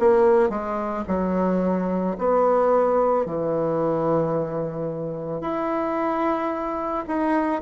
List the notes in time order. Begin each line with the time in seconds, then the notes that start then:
0.00 A#3
0.50 G#3
1.08 F#3
2.19 B3
3.26 E3
5.41 E4
7.08 D#4